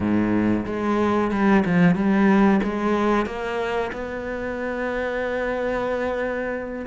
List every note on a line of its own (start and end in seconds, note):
0.00 0.65 G#2
0.66 1.31 G#3
1.31 1.63 G3
1.65 1.95 F3
1.95 2.60 G3
2.63 3.25 G#3
3.25 3.91 A#3
3.92 6.85 B3